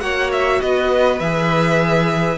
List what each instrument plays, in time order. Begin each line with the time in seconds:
0.00 cello A#3, viola F#4, violin C#5 F#5
0.32 violin E5
0.61 cello B3, violin B4 D#5
1.19 cello E3, viola G#4, violin E5